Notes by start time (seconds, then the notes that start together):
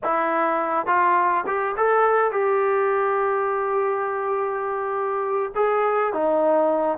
0.03 E4
0.86 F4
1.46 G4
1.76 A4
2.31 G4
5.55 G#4
6.13 D#4